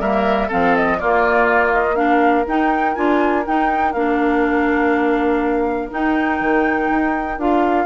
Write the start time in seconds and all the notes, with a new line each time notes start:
0.00 G3 A#3 A#4 E5
0.48 F3 C4 A4 F5
0.76 D#5
0.99 A#3 F4 D5
1.73 D#5
1.95 D4 A#4 F5
2.46 D#4 G5
2.95 D4 F4 G#5
3.45 D#4 G5
3.93 A#3 D4 F5
5.90 D#4 G5
6.40 D#3
6.89 D#4
7.38 D4 F4 F5